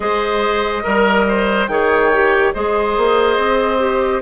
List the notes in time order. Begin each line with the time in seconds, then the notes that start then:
0.00 G#3 G#4 C5 D#5
0.83 G3 A#4
1.28 C5
1.67 D#3 G#4 C#5 G5
2.12 G4
2.53 G#3 G#4 C5 D#5
2.97 A#3
3.37 C4
3.79 G4